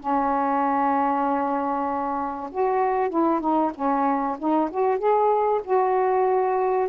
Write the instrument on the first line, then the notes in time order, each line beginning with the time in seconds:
saxophone
0.00 C#4
2.51 F#4
3.10 E4
3.40 D#4
3.75 C#4
4.39 D#4
4.71 F#4
4.99 G#4
5.64 F#4